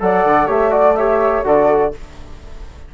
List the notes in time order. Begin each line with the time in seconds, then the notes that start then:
0.00 F#3 A4 D5 F#5
0.25 D3
0.46 A3 G4 C#5 E5
0.70 F#4 D5
0.96 G4 C#5 E5
1.44 D3 F#4 A4 D5